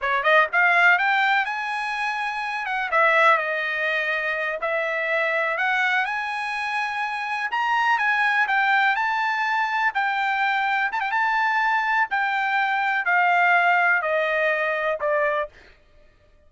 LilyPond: \new Staff \with { instrumentName = "trumpet" } { \time 4/4 \tempo 4 = 124 cis''8 dis''8 f''4 g''4 gis''4~ | gis''4. fis''8 e''4 dis''4~ | dis''4. e''2 fis''8~ | fis''8 gis''2. ais''8~ |
ais''8 gis''4 g''4 a''4.~ | a''8 g''2 a''16 g''16 a''4~ | a''4 g''2 f''4~ | f''4 dis''2 d''4 | }